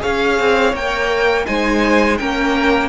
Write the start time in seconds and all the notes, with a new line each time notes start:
0.00 C#4 G#4 C#5 F5
0.40 C4
0.74 A#3 A#4 G5
1.46 G#3 D#4 C5 G#5
2.18 A#3 C#4 A#4 G5